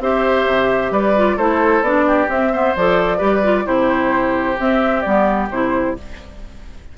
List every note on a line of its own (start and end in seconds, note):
0.00 0.46 C4
0.00 1.16 G4
0.00 0.93 C5
0.00 0.94 E5
0.47 0.91 C3
0.91 1.37 G3
0.91 1.37 B4
0.91 1.38 D5
1.16 1.39 F4
1.37 1.82 A3
1.37 1.85 E4
1.37 2.06 A4
1.37 1.84 C5
1.82 2.27 B3
1.82 2.29 D4
1.82 2.29 D5
2.07 2.53 G4
2.29 2.52 C4
2.29 2.75 C4
2.29 2.77 E5
2.53 2.76 B3
2.53 3.18 C5
2.76 3.21 F3
2.76 3.19 A4
2.76 3.67 D5
3.18 3.67 G3
3.18 3.42 G4
3.18 3.64 B4
3.44 3.65 F4
3.65 4.58 C3
3.65 4.56 E4
3.65 5.96 G4
3.65 4.59 C5
4.59 5.05 C4
4.59 5.06 C4
4.59 5.02 E5
5.02 5.51 G3
5.02 5.51 B3
5.02 5.48 D5
5.51 5.96 C3
5.51 5.98 E4
5.51 5.97 C5